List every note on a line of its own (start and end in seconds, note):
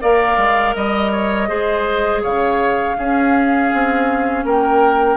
0.00 0.36 A#3
0.00 1.47 A#4
0.00 0.75 D5
0.00 0.74 F5
0.36 0.73 G#3
0.74 1.48 G3
0.74 2.22 D#5
0.74 1.11 D#5
1.11 1.48 C#5
1.47 2.23 G#3
1.47 2.95 G#4
1.47 2.22 C5
2.22 2.97 C#3
2.22 2.96 C#5
2.22 4.45 F5
2.97 3.71 C#4
2.97 5.16 C#4
2.97 4.44 G#4
3.73 4.44 C4
4.44 5.16 A#3
4.44 5.16 A#4
4.44 5.16 G5